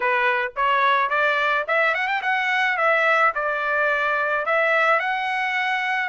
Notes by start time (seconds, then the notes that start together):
0.00 B4
0.56 C#5
1.09 D5
1.67 E5
1.94 F#5
2.07 G5
2.22 F#5
2.77 E5
3.34 D5
4.45 E5
4.99 F#5